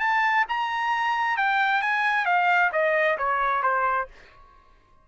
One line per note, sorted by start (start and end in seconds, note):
0.00 0.45 A5
0.49 1.37 A#5
1.37 1.82 G5
1.82 2.25 G#5
2.25 2.71 F5
2.72 3.17 D#5
3.18 3.63 C#5
3.63 4.08 C5